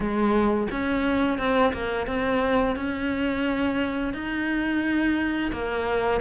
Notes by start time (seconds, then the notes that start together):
0.00 G#3
0.71 C#4
1.38 C4
1.73 A#3
2.07 C4
2.76 C#4
4.13 D#4
5.52 A#3